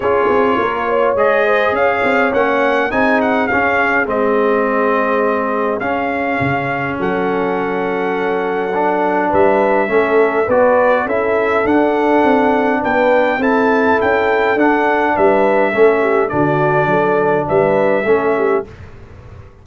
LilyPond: <<
  \new Staff \with { instrumentName = "trumpet" } { \time 4/4 \tempo 4 = 103 cis''2 dis''4 f''4 | fis''4 gis''8 fis''8 f''4 dis''4~ | dis''2 f''2 | fis''1 |
e''2 d''4 e''4 | fis''2 g''4 a''4 | g''4 fis''4 e''2 | d''2 e''2 | }
  \new Staff \with { instrumentName = "horn" } { \time 4/4 gis'4 ais'8 cis''4 c''8 cis''4~ | cis''4 gis'2.~ | gis'1 | a'1 |
b'4 a'4 b'4 a'4~ | a'2 b'4 a'4~ | a'2 b'4 a'8 g'8 | fis'4 a'4 b'4 a'8 g'8 | }
  \new Staff \with { instrumentName = "trombone" } { \time 4/4 f'2 gis'2 | cis'4 dis'4 cis'4 c'4~ | c'2 cis'2~ | cis'2. d'4~ |
d'4 cis'4 fis'4 e'4 | d'2. e'4~ | e'4 d'2 cis'4 | d'2. cis'4 | }
  \new Staff \with { instrumentName = "tuba" } { \time 4/4 cis'8 c'8 ais4 gis4 cis'8 c'8 | ais4 c'4 cis'4 gis4~ | gis2 cis'4 cis4 | fis1 |
g4 a4 b4 cis'4 | d'4 c'4 b4 c'4 | cis'4 d'4 g4 a4 | d4 fis4 g4 a4 | }
>>